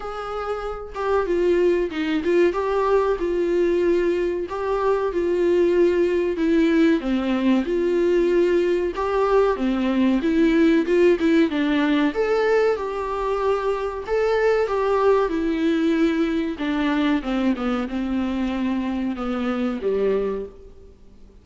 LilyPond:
\new Staff \with { instrumentName = "viola" } { \time 4/4 \tempo 4 = 94 gis'4. g'8 f'4 dis'8 f'8 | g'4 f'2 g'4 | f'2 e'4 c'4 | f'2 g'4 c'4 |
e'4 f'8 e'8 d'4 a'4 | g'2 a'4 g'4 | e'2 d'4 c'8 b8 | c'2 b4 g4 | }